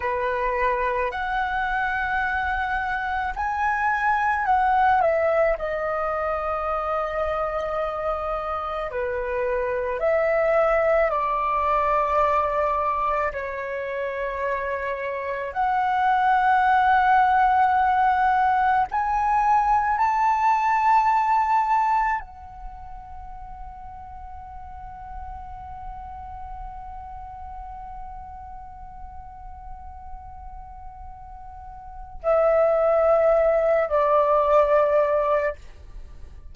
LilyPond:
\new Staff \with { instrumentName = "flute" } { \time 4/4 \tempo 4 = 54 b'4 fis''2 gis''4 | fis''8 e''8 dis''2. | b'4 e''4 d''2 | cis''2 fis''2~ |
fis''4 gis''4 a''2 | fis''1~ | fis''1~ | fis''4 e''4. d''4. | }